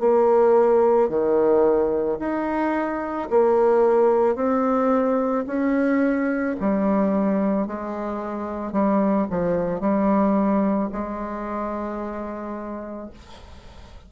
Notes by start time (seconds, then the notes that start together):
0.00 A#3
1.10 D#3
2.20 D#4
3.31 A#3
4.36 C4
5.47 C#4
6.60 G3
7.67 G#3
8.73 G3
9.31 F3
9.80 G3
10.92 G#3